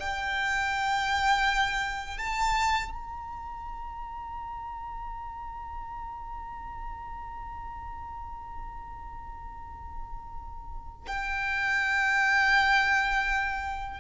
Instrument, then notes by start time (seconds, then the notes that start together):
violin
0.00 G5
2.19 A5
2.92 A#5
11.07 G5